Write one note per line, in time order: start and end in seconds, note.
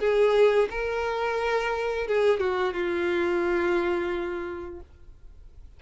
0.00 0.69 G#4
0.71 2.08 A#4
2.08 2.40 G#4
2.40 2.74 F#4
2.74 4.81 F4